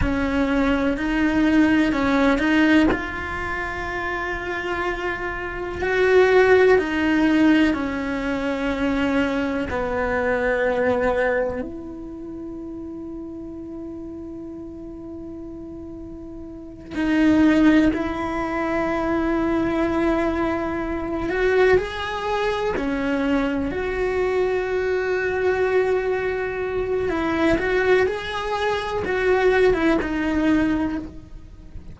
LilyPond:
\new Staff \with { instrumentName = "cello" } { \time 4/4 \tempo 4 = 62 cis'4 dis'4 cis'8 dis'8 f'4~ | f'2 fis'4 dis'4 | cis'2 b2 | e'1~ |
e'4. dis'4 e'4.~ | e'2 fis'8 gis'4 cis'8~ | cis'8 fis'2.~ fis'8 | e'8 fis'8 gis'4 fis'8. e'16 dis'4 | }